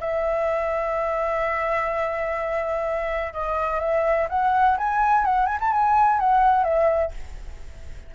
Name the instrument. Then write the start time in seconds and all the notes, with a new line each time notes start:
flute
0.00 E5
3.33 D#5
3.80 E5
4.29 F#5
4.77 G#5
5.25 F#5
5.46 G#5
5.60 A5
5.72 G#5
6.19 F#5
6.63 E5